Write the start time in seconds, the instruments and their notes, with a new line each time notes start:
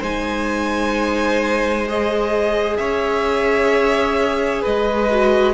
0.00 cello G#3, viola D#4, violin C5 G#5
1.87 viola G#4, violin D#5
2.77 cello C#4, violin C#5 E5
4.62 cello G#3, violin B4 D#5
5.11 viola F#4